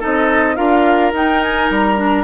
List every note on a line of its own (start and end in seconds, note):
0.00 0.58 C4
0.00 0.56 D#4
0.00 0.56 A4
0.00 0.56 D#5
0.56 1.13 D4
0.56 1.12 F4
0.56 2.24 A#4
0.56 1.12 F5
1.13 1.69 D#4
1.13 1.97 D#4
1.13 1.43 G5
1.43 1.71 G#5
1.70 2.24 G3
1.70 2.24 A#5
1.97 2.24 D4